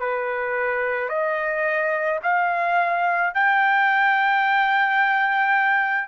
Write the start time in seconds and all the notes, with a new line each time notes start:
0.00 B4
1.09 D#5
2.23 F5
3.34 G5